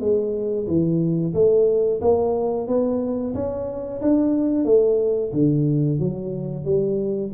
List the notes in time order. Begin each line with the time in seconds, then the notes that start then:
0.00 G#3
0.67 E3
1.34 A3
2.01 A#3
2.68 B3
3.34 C#4
4.02 D4
4.65 A3
5.33 D3
5.99 F#3
6.65 G3